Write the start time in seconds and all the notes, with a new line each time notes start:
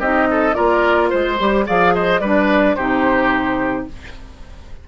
0.00 C4 D#4 G4 D#5
0.31 A4
0.54 A#3 F4 A#4 D5
1.10 G#3 C5
1.40 G3 G4
1.66 F3 G#4 D5 F5
1.95 C5 D#5
2.21 G3 D4 B4 D5
2.75 C3 D#4 G4 C5